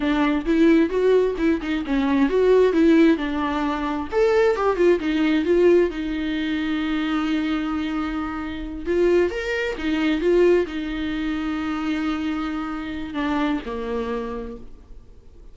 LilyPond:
\new Staff \with { instrumentName = "viola" } { \time 4/4 \tempo 4 = 132 d'4 e'4 fis'4 e'8 dis'8 | cis'4 fis'4 e'4 d'4~ | d'4 a'4 g'8 f'8 dis'4 | f'4 dis'2.~ |
dis'2.~ dis'8 f'8~ | f'8 ais'4 dis'4 f'4 dis'8~ | dis'1~ | dis'4 d'4 ais2 | }